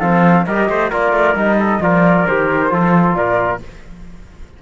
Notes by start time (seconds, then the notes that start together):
0.00 F3 C4 A4 F5
0.46 G3 G4 A#4 D#5
0.69 A3 C5
0.90 A#3 F4 A#4 D5
1.13 A3
1.35 G3 D#4 D#5
1.59 A4
1.81 F3 F4 A#4 D5
2.27 D#3 G4 C5
2.70 F3 F4 A4
3.15 A#2 A#4 D5